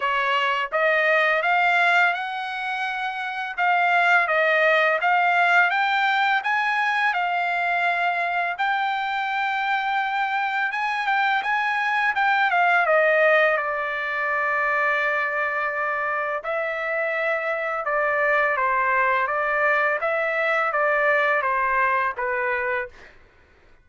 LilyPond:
\new Staff \with { instrumentName = "trumpet" } { \time 4/4 \tempo 4 = 84 cis''4 dis''4 f''4 fis''4~ | fis''4 f''4 dis''4 f''4 | g''4 gis''4 f''2 | g''2. gis''8 g''8 |
gis''4 g''8 f''8 dis''4 d''4~ | d''2. e''4~ | e''4 d''4 c''4 d''4 | e''4 d''4 c''4 b'4 | }